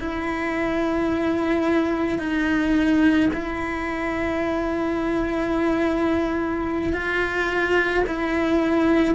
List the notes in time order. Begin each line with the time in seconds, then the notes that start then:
0.00 E4
2.19 D#4
3.34 E4
6.93 F4
8.07 E4